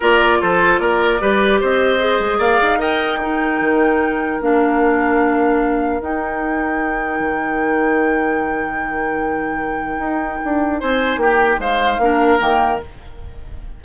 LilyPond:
<<
  \new Staff \with { instrumentName = "flute" } { \time 4/4 \tempo 4 = 150 d''4 c''4 d''2 | dis''2 f''4 g''4~ | g''2. f''4~ | f''2. g''4~ |
g''1~ | g''1~ | g''2. gis''4 | g''4 f''2 g''4 | }
  \new Staff \with { instrumentName = "oboe" } { \time 4/4 ais'4 a'4 ais'4 b'4 | c''2 d''4 dis''4 | ais'1~ | ais'1~ |
ais'1~ | ais'1~ | ais'2. c''4 | g'4 c''4 ais'2 | }
  \new Staff \with { instrumentName = "clarinet" } { \time 4/4 f'2. g'4~ | g'4 gis'2 ais'4 | dis'2. d'4~ | d'2. dis'4~ |
dis'1~ | dis'1~ | dis'1~ | dis'2 d'4 ais4 | }
  \new Staff \with { instrumentName = "bassoon" } { \time 4/4 ais4 f4 ais4 g4 | c'4. gis8 ais8 dis'4.~ | dis'4 dis2 ais4~ | ais2. dis'4~ |
dis'2 dis2~ | dis1~ | dis4 dis'4 d'4 c'4 | ais4 gis4 ais4 dis4 | }
>>